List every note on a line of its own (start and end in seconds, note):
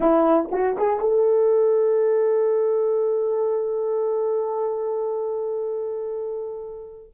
0.00 0.49 E4
0.51 0.76 F#4
0.77 1.00 G#4
1.00 7.12 A4